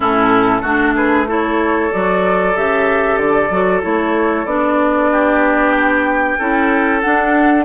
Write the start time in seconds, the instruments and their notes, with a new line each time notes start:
0.00 bassoon A2, clarinet C#4, oboe E4, flute A4
0.61 bassoon A3, clarinet D4, oboe F#4
0.95 oboe G#4, flute B4
1.27 clarinet E4, oboe A4, flute C#5
1.91 bassoon F#3, clarinet F#4, flute D5
2.54 bassoon C#3, clarinet G4, flute E5
3.17 bassoon D3, flute D5
3.49 bassoon F#3, clarinet F#4
3.82 bassoon A3, clarinet E4, flute C#5
4.45 bassoon B3, clarinet D4, flute D5
5.11 oboe G4
5.72 flute G5
6.38 bassoon C#4, clarinet E4, oboe A4
7.00 clarinet D4, bassoon D4, flute F#5